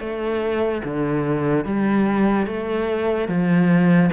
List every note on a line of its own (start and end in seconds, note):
0.00 0.82 A3
0.84 1.65 D3
1.65 2.47 G3
2.47 3.28 A3
3.28 4.10 F3